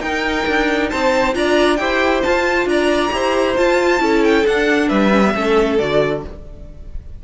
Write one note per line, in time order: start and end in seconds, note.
0.00 0.44 D#4
0.00 1.33 D#4
0.00 0.90 A#4
0.00 0.90 G5
0.47 0.91 D4
0.90 1.35 C4
0.90 1.34 C5
0.90 1.34 A5
1.33 1.78 D4
1.33 1.77 F4
1.33 1.79 D5
1.33 1.76 A#5
1.76 2.23 E4
1.76 2.23 G4
1.76 2.68 C5
1.76 2.21 G5
2.23 3.10 F4
2.23 2.65 F4
2.23 2.67 A5
2.65 3.10 D4
2.65 3.14 D5
2.65 3.57 A#5
3.10 3.57 E4
3.10 3.55 G4
3.10 4.02 C5
3.56 3.99 F4
3.56 4.00 F4
3.56 4.24 A5
3.99 4.45 C#4
3.99 4.44 E4
3.99 4.88 A4
4.24 4.46 G5
4.46 4.90 D4
4.46 5.11 D4
4.46 4.88 F#5
4.88 5.34 G3
4.88 5.32 B4
4.88 5.77 E5
5.11 5.22 C#4
5.25 5.34 B3
5.34 5.79 A3
5.34 5.79 C#4
5.34 6.24 A4
5.78 6.24 D3
5.78 6.24 F#4
5.78 6.23 D5